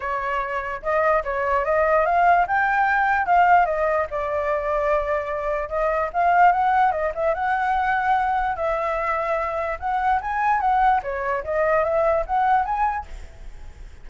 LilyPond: \new Staff \with { instrumentName = "flute" } { \time 4/4 \tempo 4 = 147 cis''2 dis''4 cis''4 | dis''4 f''4 g''2 | f''4 dis''4 d''2~ | d''2 dis''4 f''4 |
fis''4 dis''8 e''8 fis''2~ | fis''4 e''2. | fis''4 gis''4 fis''4 cis''4 | dis''4 e''4 fis''4 gis''4 | }